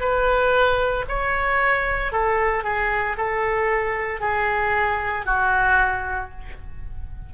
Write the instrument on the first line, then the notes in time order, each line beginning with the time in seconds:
oboe
0.00 B4
1.09 C#5
2.12 A4
2.64 G#4
3.17 A4
4.21 G#4
5.26 F#4